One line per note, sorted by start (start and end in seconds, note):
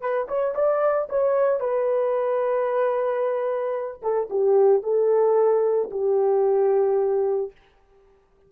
0.00 0.27 B4
0.28 0.54 C#5
0.55 1.08 D5
1.09 1.60 C#5
1.60 4.01 B4
4.02 4.28 A4
4.30 4.82 G4
4.82 5.90 A4
5.91 7.51 G4